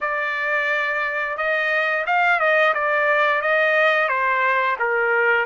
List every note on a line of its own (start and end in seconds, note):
0.01 1.37 D5
1.37 2.05 D#5
2.06 2.39 F5
2.39 2.73 D#5
2.74 3.41 D5
3.41 4.08 D#5
4.08 4.76 C5
4.79 5.45 A#4